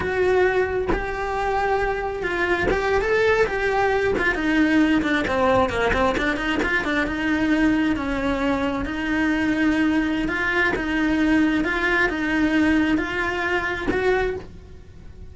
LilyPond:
\new Staff \with { instrumentName = "cello" } { \time 4/4 \tempo 4 = 134 fis'2 g'2~ | g'4 f'4 g'8. a'4 g'16~ | g'4~ g'16 f'8 dis'4. d'8 c'16~ | c'8. ais8 c'8 d'8 dis'8 f'8 d'8 dis'16~ |
dis'4.~ dis'16 cis'2 dis'16~ | dis'2. f'4 | dis'2 f'4 dis'4~ | dis'4 f'2 fis'4 | }